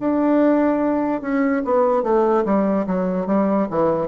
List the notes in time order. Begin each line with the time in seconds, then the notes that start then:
0.00 D4
1.22 C#4
1.65 B3
2.03 A3
2.45 G3
2.87 F#3
3.27 G3
3.70 E3